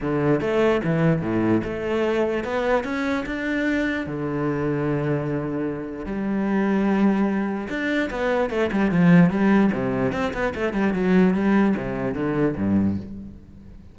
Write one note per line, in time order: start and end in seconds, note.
0.00 0.40 D3
0.40 0.81 A3
0.84 1.21 E3
1.21 1.62 A2
1.63 2.44 A3
2.44 2.84 B3
2.84 3.24 C#4
3.25 4.06 D4
4.06 6.05 D3
6.05 7.68 G3
7.69 8.09 D4
8.10 8.50 B3
8.50 8.70 A3
8.72 8.91 G3
8.91 9.29 F3
9.29 9.70 G3
9.72 10.12 C3
10.12 10.32 C4
10.33 10.53 B3
10.54 10.73 A3
10.73 10.93 G3
10.93 11.34 F#3
11.34 11.74 G3
11.76 12.14 C3
12.14 12.55 D3
12.56 12.97 G2